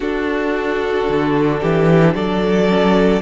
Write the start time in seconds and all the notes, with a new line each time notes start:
0.00 D4 F#4 A4
1.08 D3
1.60 E3 G4
2.14 F#3 A4 D5
2.68 C#4